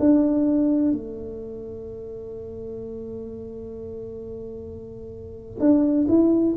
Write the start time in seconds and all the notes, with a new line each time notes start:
0.00 D4
0.92 A3
5.60 D4
6.09 E4